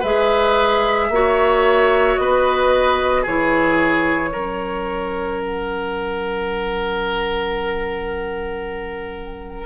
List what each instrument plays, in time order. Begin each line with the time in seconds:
0.00 bassoon G#3, clarinet G#4, oboe B4, flute E5
1.10 bassoon A#3, clarinet F#4, oboe C#5
2.17 bassoon B3, oboe B4, flute D#5
3.22 bassoon E3, clarinet E4, oboe G#4, flute C#5
4.32 bassoon F#3, clarinet C#4, oboe A#4
5.41 flute F#5